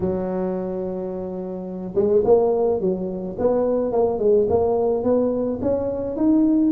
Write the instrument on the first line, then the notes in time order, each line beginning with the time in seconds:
tuba
0.00 F#3
1.95 G#3
2.24 A#3
2.80 F#3
3.38 B3
3.92 A#3
4.19 G#3
4.49 A#3
5.03 B3
5.61 C#4
6.16 D#4